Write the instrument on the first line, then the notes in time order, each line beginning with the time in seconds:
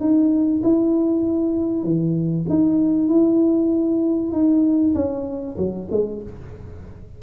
tuba
0.00 D#4
0.64 E4
1.84 E3
2.49 D#4
3.09 E4
4.32 D#4
4.95 C#4
5.58 F#3
5.92 G#3